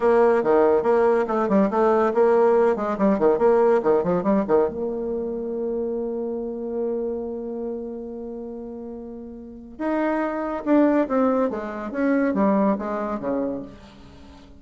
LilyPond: \new Staff \with { instrumentName = "bassoon" } { \time 4/4 \tempo 4 = 141 ais4 dis4 ais4 a8 g8 | a4 ais4. gis8 g8 dis8 | ais4 dis8 f8 g8 dis8 ais4~ | ais1~ |
ais1~ | ais2. dis'4~ | dis'4 d'4 c'4 gis4 | cis'4 g4 gis4 cis4 | }